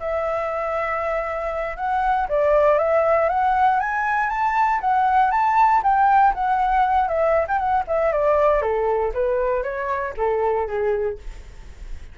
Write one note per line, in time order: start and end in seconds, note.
0.00 1.77 E5
1.77 2.28 F#5
2.29 2.79 D5
2.79 3.29 E5
3.29 3.80 F#5
3.80 4.30 G#5
4.30 4.81 A5
4.81 5.31 F#5
5.31 5.82 A5
5.83 6.34 G5
6.34 7.09 F#5
7.09 7.47 E5
7.48 7.58 G5
7.58 7.84 F#5
7.88 8.12 E5
8.12 8.62 D5
8.62 9.13 A4
9.14 9.63 B4
9.63 10.14 C#5
10.17 10.68 A4
10.68 11.19 G#4